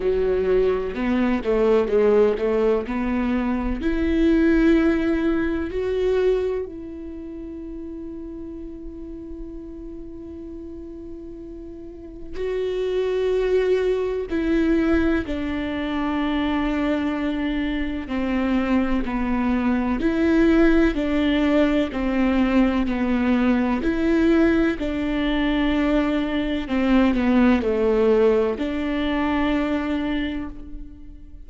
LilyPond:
\new Staff \with { instrumentName = "viola" } { \time 4/4 \tempo 4 = 63 fis4 b8 a8 gis8 a8 b4 | e'2 fis'4 e'4~ | e'1~ | e'4 fis'2 e'4 |
d'2. c'4 | b4 e'4 d'4 c'4 | b4 e'4 d'2 | c'8 b8 a4 d'2 | }